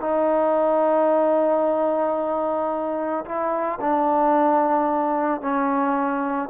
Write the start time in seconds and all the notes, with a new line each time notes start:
0.00 D#4
3.25 E4
3.80 D4
5.41 C#4